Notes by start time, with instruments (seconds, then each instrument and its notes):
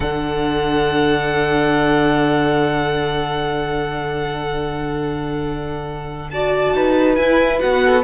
0.00 cello D3, viola D4, violin A4 F#5
6.30 viola F#4, violin D5 A5
6.73 cello D#4, violin B4
7.15 cello E4, viola E4, violin G#5
7.59 cello B3, viola F#4, violin F#5
7.84 violin A4